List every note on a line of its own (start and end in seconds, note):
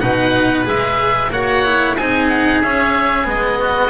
0.00 0.67 B2
0.00 0.65 D#4
0.00 1.31 B4
0.00 0.65 F#5
0.65 1.30 G#3
0.65 1.30 G#4
0.65 1.33 E5
1.30 1.95 A#3
1.30 1.65 F#4
1.30 1.97 C#5
1.30 1.97 F#5
1.65 1.98 E4
1.97 2.62 C4
1.97 2.64 D#4
1.97 3.59 G#4
1.97 2.29 G#5
2.29 2.61 F#5
2.62 3.27 C#4
2.62 3.24 C#4
2.62 3.27 E5
3.24 3.90 G#3
3.24 3.89 B3
3.24 3.90 D#5
3.59 3.90 F#4